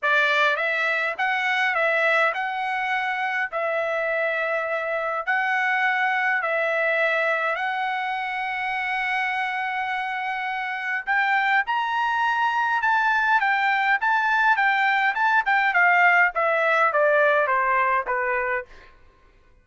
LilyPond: \new Staff \with { instrumentName = "trumpet" } { \time 4/4 \tempo 4 = 103 d''4 e''4 fis''4 e''4 | fis''2 e''2~ | e''4 fis''2 e''4~ | e''4 fis''2.~ |
fis''2. g''4 | ais''2 a''4 g''4 | a''4 g''4 a''8 g''8 f''4 | e''4 d''4 c''4 b'4 | }